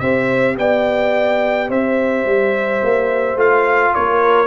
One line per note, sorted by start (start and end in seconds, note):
0.00 0.58 C4
0.00 3.38 G4
0.00 0.57 C5
0.00 0.56 E5
0.58 1.70 B3
0.58 1.69 D5
0.58 1.71 G5
1.69 2.26 C4
1.69 3.93 C5
1.69 3.40 E5
2.26 2.82 G3
2.83 3.36 A#3
3.36 3.93 A3
3.36 4.47 F4
3.36 3.95 F5
3.95 4.47 A#3
3.95 4.47 A#4
3.95 4.47 C#5